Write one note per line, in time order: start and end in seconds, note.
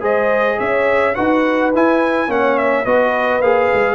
0.00 0.58 G#3
0.00 1.13 G#4
0.00 0.57 C5
0.00 0.59 D#5
0.58 1.16 C#4
0.58 1.15 C#5
0.58 1.15 E5
1.15 1.75 D#4
1.15 1.72 F#4
1.15 2.28 B4
1.15 1.71 F#5
1.75 2.28 E4
1.75 2.31 G#5
2.28 2.84 A#3
2.28 2.84 C#4
2.28 2.85 C#5
2.28 2.57 F#5
2.57 2.85 E5
2.85 3.40 B3
2.85 3.42 F#4
2.85 3.95 B4
2.85 3.41 D#5
3.40 3.69 A#3
3.40 3.95 G#4
3.40 3.95 F5
3.73 3.95 G#3